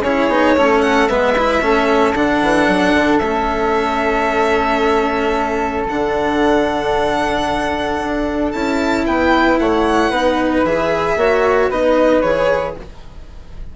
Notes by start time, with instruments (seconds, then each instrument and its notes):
0.00 bassoon C#4, cello E4, flute G#4, violin C#5
0.28 bassoon B3, cello D#4
0.56 bassoon A3, cello C#4, flute A4
0.81 violin F#5
1.08 bassoon G#3, cello B3, flute B4, violin E5
1.37 cello E4
1.61 bassoon A3, cello C#4, flute A4
2.14 bassoon D3, cello D4, violin F#5
2.41 bassoon E3
2.67 bassoon F#3
2.94 bassoon D3
3.18 bassoon A3, cello C#4, violin E5
5.88 bassoon D3, cello D4, violin F#5
7.98 bassoon D4
8.51 bassoon C#4, cello E4, violin A5
9.05 bassoon B3, flute B4, violin G5
9.58 bassoon A3, flute C#5, violin F#5
10.10 bassoon B3, cello D#4, flute B4
10.64 bassoon E3, cello G#4, violin E5
11.16 bassoon A#3, cello F#4, flute C#5
11.69 bassoon B3, cello D#4, flute B4, violin D#5
12.21 bassoon E3, cello G#4, violin C#5